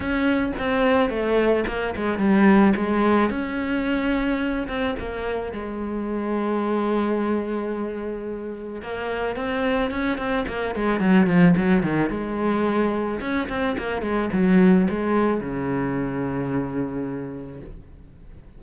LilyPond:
\new Staff \with { instrumentName = "cello" } { \time 4/4 \tempo 4 = 109 cis'4 c'4 a4 ais8 gis8 | g4 gis4 cis'2~ | cis'8 c'8 ais4 gis2~ | gis1 |
ais4 c'4 cis'8 c'8 ais8 gis8 | fis8 f8 fis8 dis8 gis2 | cis'8 c'8 ais8 gis8 fis4 gis4 | cis1 | }